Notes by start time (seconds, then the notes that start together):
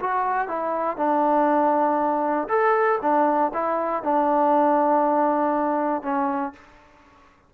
0.00 F#4
0.48 E4
0.96 D4
2.48 A4
3.01 D4
3.53 E4
4.03 D4
6.02 C#4